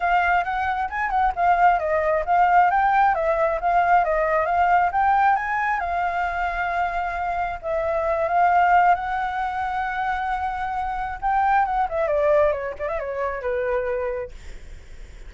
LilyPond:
\new Staff \with { instrumentName = "flute" } { \time 4/4 \tempo 4 = 134 f''4 fis''4 gis''8 fis''8 f''4 | dis''4 f''4 g''4 e''4 | f''4 dis''4 f''4 g''4 | gis''4 f''2.~ |
f''4 e''4. f''4. | fis''1~ | fis''4 g''4 fis''8 e''8 d''4 | cis''8 d''16 e''16 cis''4 b'2 | }